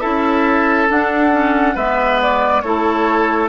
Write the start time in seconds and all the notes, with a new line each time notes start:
0.00 C#4 E4 A4 E5
0.90 D4 F#5
1.32 C#4
1.75 G#3 B3 B4 E5
2.22 D5
2.61 A3 E4 A4 C#5